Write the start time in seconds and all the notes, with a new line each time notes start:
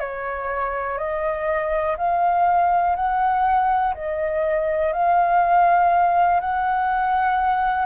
0.00 C#5
0.98 D#5
1.98 F5
2.96 F#5
3.94 D#5
4.93 F5
6.40 F#5